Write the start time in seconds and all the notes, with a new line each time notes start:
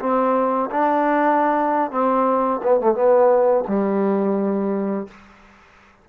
0.00 C4
0.71 D4
1.91 C4
2.63 B3
2.81 A3
2.95 B3
3.68 G3